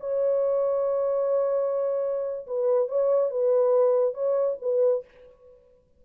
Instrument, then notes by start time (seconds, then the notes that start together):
horn
0.00 C#5
2.47 B4
2.89 C#5
3.30 B4
4.14 C#5
4.61 B4